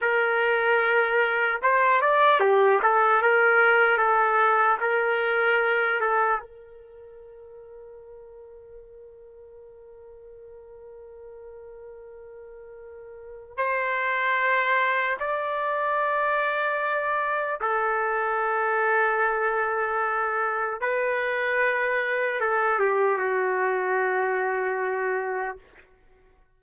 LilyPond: \new Staff \with { instrumentName = "trumpet" } { \time 4/4 \tempo 4 = 75 ais'2 c''8 d''8 g'8 a'8 | ais'4 a'4 ais'4. a'8 | ais'1~ | ais'1~ |
ais'4 c''2 d''4~ | d''2 a'2~ | a'2 b'2 | a'8 g'8 fis'2. | }